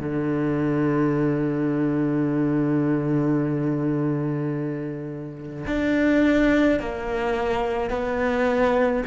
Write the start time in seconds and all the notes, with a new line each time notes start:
0.00 D3
5.67 D4
6.80 A#3
7.90 B3